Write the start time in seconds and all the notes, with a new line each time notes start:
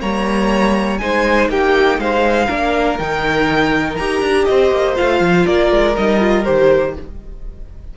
0.00 G3 A#3 C#5 A#5
0.98 G#3 D#4 C5 G#5
1.48 A#3 G4 G5
1.98 G#3 C5 F5
2.46 A#3 D4 A#4
2.98 D#3 D#4 G5
3.96 D#4 G4 A#5
4.21 D4
4.44 C4 C5 D#5
4.71 A#3
4.95 A3 F4 F5
5.20 F3
5.45 A#3 A#4 D5
5.71 G#3
5.96 G3 D#4 D#5
6.19 F4
6.44 D#3 G4 C5